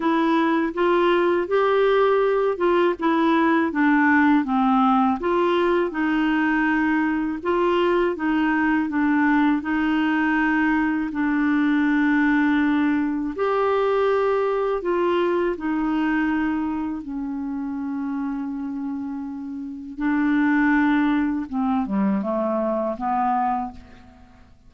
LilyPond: \new Staff \with { instrumentName = "clarinet" } { \time 4/4 \tempo 4 = 81 e'4 f'4 g'4. f'8 | e'4 d'4 c'4 f'4 | dis'2 f'4 dis'4 | d'4 dis'2 d'4~ |
d'2 g'2 | f'4 dis'2 cis'4~ | cis'2. d'4~ | d'4 c'8 g8 a4 b4 | }